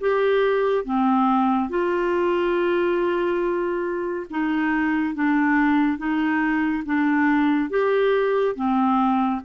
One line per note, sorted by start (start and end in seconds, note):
0.00 0.85 G4
0.85 1.69 C4
1.69 4.27 F4
4.30 5.15 D#4
5.15 5.98 D4
5.98 6.83 D#4
6.85 7.70 D4
7.70 8.55 G4
8.55 9.41 C4